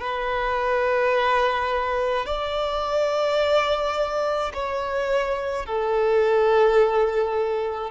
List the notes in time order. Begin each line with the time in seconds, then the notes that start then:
0.00 B4
2.26 D5
4.54 C#5
5.66 A4